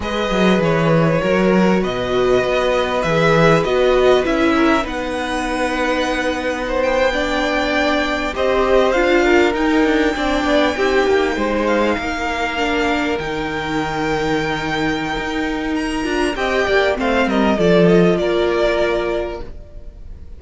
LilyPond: <<
  \new Staff \with { instrumentName = "violin" } { \time 4/4 \tempo 4 = 99 dis''4 cis''2 dis''4~ | dis''4 e''4 dis''4 e''4 | fis''2.~ fis''16 g''8.~ | g''4.~ g''16 dis''4 f''4 g''16~ |
g''2.~ g''16 f''8.~ | f''4.~ f''16 g''2~ g''16~ | g''2 ais''4 g''4 | f''8 dis''8 d''8 dis''8 d''2 | }
  \new Staff \with { instrumentName = "violin" } { \time 4/4 b'2 ais'4 b'4~ | b'2.~ b'8 ais'8 | b'2. c''8. d''16~ | d''4.~ d''16 c''4. ais'8.~ |
ais'8. d''4 g'4 c''4 ais'16~ | ais'1~ | ais'2. dis''8 d''8 | c''8 ais'8 a'4 ais'2 | }
  \new Staff \with { instrumentName = "viola" } { \time 4/4 gis'2 fis'2~ | fis'4 gis'4 fis'4 e'4 | dis'2.~ dis'8. d'16~ | d'4.~ d'16 g'4 f'4 dis'16~ |
dis'8. d'4 dis'2~ dis'16~ | dis'8. d'4 dis'2~ dis'16~ | dis'2~ dis'8 f'8 g'4 | c'4 f'2. | }
  \new Staff \with { instrumentName = "cello" } { \time 4/4 gis8 fis8 e4 fis4 b,4 | b4 e4 b4 cis'4 | b1~ | b4.~ b16 c'4 d'4 dis'16~ |
dis'16 d'8 c'8 b8 c'8 ais8 gis4 ais16~ | ais4.~ ais16 dis2~ dis16~ | dis4 dis'4. d'8 c'8 ais8 | a8 g8 f4 ais2 | }
>>